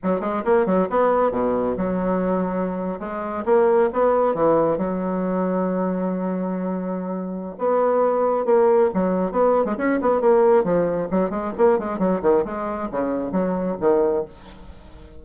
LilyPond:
\new Staff \with { instrumentName = "bassoon" } { \time 4/4 \tempo 4 = 135 fis8 gis8 ais8 fis8 b4 b,4 | fis2~ fis8. gis4 ais16~ | ais8. b4 e4 fis4~ fis16~ | fis1~ |
fis4 b2 ais4 | fis4 b8. gis16 cis'8 b8 ais4 | f4 fis8 gis8 ais8 gis8 fis8 dis8 | gis4 cis4 fis4 dis4 | }